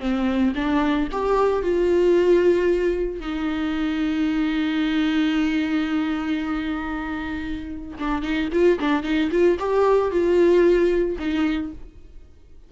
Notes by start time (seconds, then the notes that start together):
0.00 C4
0.55 D4
1.12 G4
1.62 F4
3.20 D#4
7.99 D4
8.22 D#4
8.52 F4
8.79 D4
9.03 D#4
9.31 F4
9.59 G4
10.11 F4
11.19 D#4